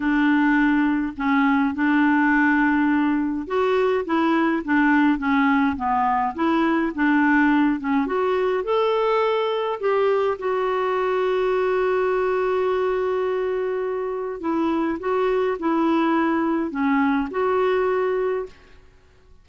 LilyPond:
\new Staff \with { instrumentName = "clarinet" } { \time 4/4 \tempo 4 = 104 d'2 cis'4 d'4~ | d'2 fis'4 e'4 | d'4 cis'4 b4 e'4 | d'4. cis'8 fis'4 a'4~ |
a'4 g'4 fis'2~ | fis'1~ | fis'4 e'4 fis'4 e'4~ | e'4 cis'4 fis'2 | }